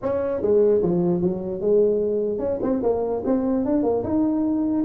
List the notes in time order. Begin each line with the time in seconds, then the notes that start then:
0.02 C#4
0.41 G#3
0.82 F3
1.21 F#3
1.60 G#3
2.38 C#4
2.62 C4
2.82 A#3
3.25 C4
3.65 D4
3.83 A#3
4.03 D#4